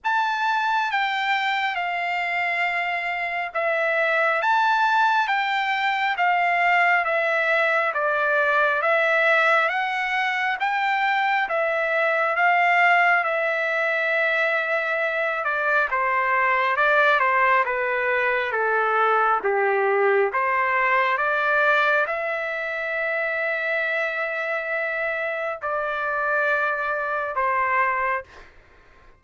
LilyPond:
\new Staff \with { instrumentName = "trumpet" } { \time 4/4 \tempo 4 = 68 a''4 g''4 f''2 | e''4 a''4 g''4 f''4 | e''4 d''4 e''4 fis''4 | g''4 e''4 f''4 e''4~ |
e''4. d''8 c''4 d''8 c''8 | b'4 a'4 g'4 c''4 | d''4 e''2.~ | e''4 d''2 c''4 | }